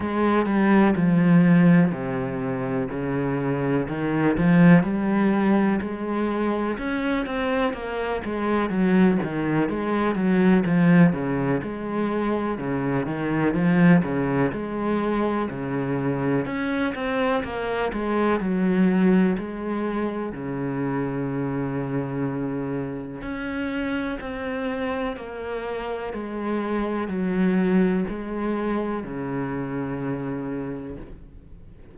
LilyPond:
\new Staff \with { instrumentName = "cello" } { \time 4/4 \tempo 4 = 62 gis8 g8 f4 c4 cis4 | dis8 f8 g4 gis4 cis'8 c'8 | ais8 gis8 fis8 dis8 gis8 fis8 f8 cis8 | gis4 cis8 dis8 f8 cis8 gis4 |
cis4 cis'8 c'8 ais8 gis8 fis4 | gis4 cis2. | cis'4 c'4 ais4 gis4 | fis4 gis4 cis2 | }